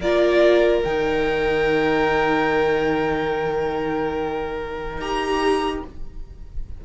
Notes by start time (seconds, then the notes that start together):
0.00 A#3 F4 A#4 D5
0.83 D#3 D#4 G5
4.97 D#4 G4 A#5